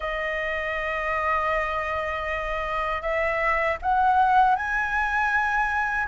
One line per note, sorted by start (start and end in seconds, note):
0.00 3.01 D#5
3.01 3.77 E5
3.81 4.55 F#5
4.55 6.07 G#5